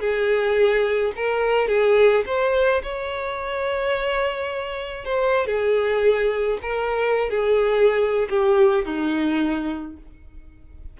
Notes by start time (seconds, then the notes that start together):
0.00 G#4
1.16 A#4
1.68 G#4
2.26 C5
2.83 C#5
5.04 C5
5.46 G#4
6.62 A#4
7.30 G#4
8.29 G4
8.85 D#4